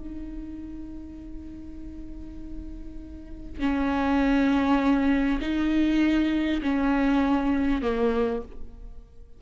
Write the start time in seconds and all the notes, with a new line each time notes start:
0.00 D#4
3.60 C#4
5.42 D#4
6.63 C#4
7.82 A#3